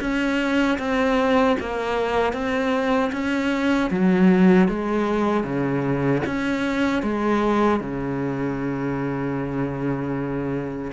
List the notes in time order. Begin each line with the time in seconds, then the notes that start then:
0.00 C#4
0.78 C4
1.59 A#3
2.32 C4
3.12 C#4
3.90 F#3
4.68 G#3
5.43 C#3
6.26 C#4
7.02 G#3
7.80 C#3